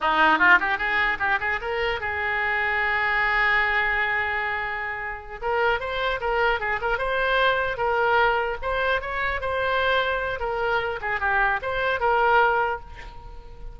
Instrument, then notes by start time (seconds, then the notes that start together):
oboe
0.00 D#4
0.38 F4
0.60 G4
0.77 G#4
1.19 G4
1.40 G#4
1.61 A#4
2.00 G#4
5.41 A#4
5.79 C5
6.20 A#4
6.60 G#4
6.81 A#4
6.97 C5
7.77 A#4
8.62 C5
9.01 C#5
9.40 C5
10.39 A#4
11.01 G#4
11.19 G4
11.61 C5
11.99 A#4